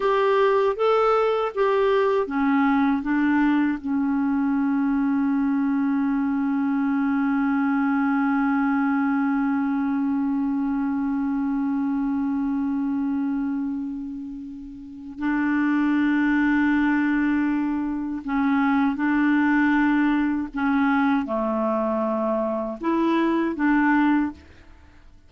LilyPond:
\new Staff \with { instrumentName = "clarinet" } { \time 4/4 \tempo 4 = 79 g'4 a'4 g'4 cis'4 | d'4 cis'2.~ | cis'1~ | cis'1~ |
cis'1 | d'1 | cis'4 d'2 cis'4 | a2 e'4 d'4 | }